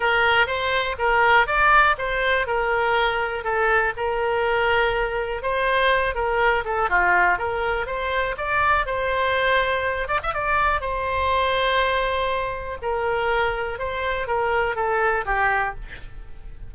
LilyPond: \new Staff \with { instrumentName = "oboe" } { \time 4/4 \tempo 4 = 122 ais'4 c''4 ais'4 d''4 | c''4 ais'2 a'4 | ais'2. c''4~ | c''8 ais'4 a'8 f'4 ais'4 |
c''4 d''4 c''2~ | c''8 d''16 e''16 d''4 c''2~ | c''2 ais'2 | c''4 ais'4 a'4 g'4 | }